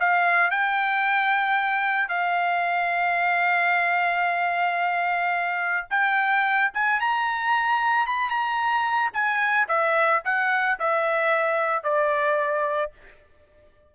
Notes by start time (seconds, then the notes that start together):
0.00 F5
0.51 G5
2.09 F5
5.90 G5
6.74 G#5
7.00 A#5
8.06 B5
8.30 A#5
9.14 G#5
9.69 E5
10.25 F#5
10.80 E5
11.84 D5